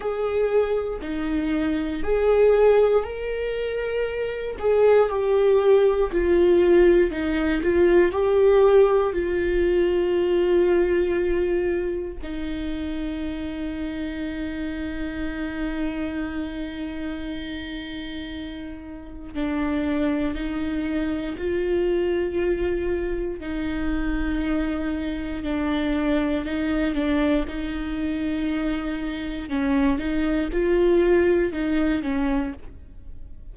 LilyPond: \new Staff \with { instrumentName = "viola" } { \time 4/4 \tempo 4 = 59 gis'4 dis'4 gis'4 ais'4~ | ais'8 gis'8 g'4 f'4 dis'8 f'8 | g'4 f'2. | dis'1~ |
dis'2. d'4 | dis'4 f'2 dis'4~ | dis'4 d'4 dis'8 d'8 dis'4~ | dis'4 cis'8 dis'8 f'4 dis'8 cis'8 | }